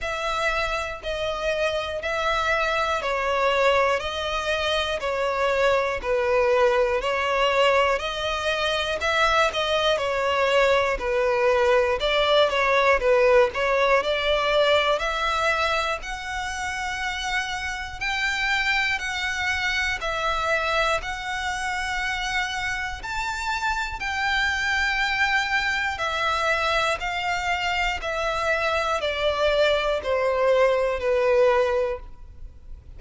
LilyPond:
\new Staff \with { instrumentName = "violin" } { \time 4/4 \tempo 4 = 60 e''4 dis''4 e''4 cis''4 | dis''4 cis''4 b'4 cis''4 | dis''4 e''8 dis''8 cis''4 b'4 | d''8 cis''8 b'8 cis''8 d''4 e''4 |
fis''2 g''4 fis''4 | e''4 fis''2 a''4 | g''2 e''4 f''4 | e''4 d''4 c''4 b'4 | }